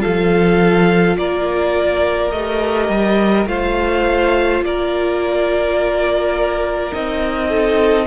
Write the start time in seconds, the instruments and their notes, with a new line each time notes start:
0.00 viola F4, violin A4 F5
0.06 cello F3
1.17 cello A#3, violin A#4 D5
2.32 cello A3, viola G4, violin D#5
2.89 cello G3
3.46 cello A3, viola F4, violin C5 F5
4.61 cello A#3, violin A#4 D5
6.92 cello C4, viola D#4, violin D#5
7.48 violin A4